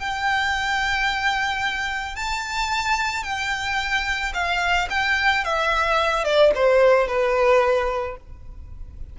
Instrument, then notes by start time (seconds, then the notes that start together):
violin
0.00 G5
2.16 A5
3.24 G5
4.34 F5
4.90 G5
5.44 E5
6.25 D5
6.56 C5
7.08 B4